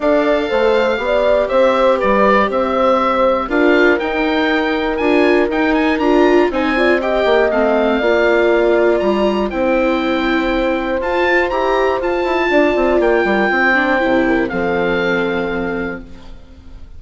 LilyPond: <<
  \new Staff \with { instrumentName = "oboe" } { \time 4/4 \tempo 4 = 120 f''2. e''4 | d''4 e''2 f''4 | g''2 gis''4 g''8 gis''8 | ais''4 gis''4 g''4 f''4~ |
f''2 ais''4 g''4~ | g''2 a''4 ais''4 | a''2 g''2~ | g''4 f''2. | }
  \new Staff \with { instrumentName = "horn" } { \time 4/4 d''4 c''4 d''4 c''4 | b'4 c''2 ais'4~ | ais'1~ | ais'4 c''8 d''8 dis''2 |
d''2. c''4~ | c''1~ | c''4 d''4. ais'8 c''4~ | c''8 ais'8 a'2. | }
  \new Staff \with { instrumentName = "viola" } { \time 4/4 a'2 g'2~ | g'2. f'4 | dis'2 f'4 dis'4 | f'4 dis'8 f'8 g'4 c'4 |
f'2. e'4~ | e'2 f'4 g'4 | f'2.~ f'8 d'8 | e'4 c'2. | }
  \new Staff \with { instrumentName = "bassoon" } { \time 4/4 d'4 a4 b4 c'4 | g4 c'2 d'4 | dis'2 d'4 dis'4 | d'4 c'4. ais8 a4 |
ais2 g4 c'4~ | c'2 f'4 e'4 | f'8 e'8 d'8 c'8 ais8 g8 c'4 | c4 f2. | }
>>